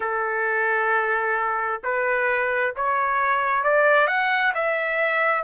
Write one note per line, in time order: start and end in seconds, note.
0.00 1.81 A4
1.83 2.74 B4
2.76 3.63 C#5
3.63 4.07 D5
4.07 4.52 F#5
4.54 5.43 E5